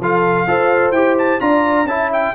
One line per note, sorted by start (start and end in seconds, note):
0.00 0.47 F3
0.00 0.47 F4
0.00 0.48 A4
0.00 0.92 F5
0.47 0.92 F4
0.47 0.94 A4
0.47 1.42 C5
0.92 1.39 E4
0.92 1.40 G4
0.92 1.15 G5
1.18 1.40 A5
1.40 1.84 D4
1.40 1.87 F4
1.40 1.89 D5
1.40 1.87 A#5
1.84 2.31 C#4
1.84 2.35 E4
1.84 2.11 A5
1.91 2.35 E5
2.13 2.35 G5